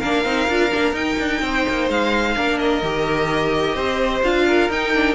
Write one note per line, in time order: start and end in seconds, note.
0.00 0.25 A#3
0.00 0.26 D4
0.00 1.41 A#4
0.00 0.94 F5
0.25 0.48 C4
0.25 0.49 D#4
0.49 0.73 D4
0.49 0.72 F4
0.72 0.93 A#3
0.72 0.95 D4
0.93 1.16 D#4
0.93 2.36 D#4
0.93 1.89 G5
1.19 1.42 D4
1.42 1.65 C4
1.42 2.37 C5
1.69 1.89 A#3
1.89 2.36 G#3
1.89 2.58 F5
2.36 2.82 A#3
2.36 2.83 D4
2.36 3.75 A#4
2.58 4.23 D#5
2.82 3.75 D#3
2.82 4.24 G4
3.75 4.22 C4
3.75 4.45 C5
4.23 4.69 D4
4.23 4.71 F4
4.23 4.71 F5
4.48 5.15 A#4
4.69 5.15 D#4
4.69 4.95 D#4
4.69 5.15 G5
4.95 5.15 D4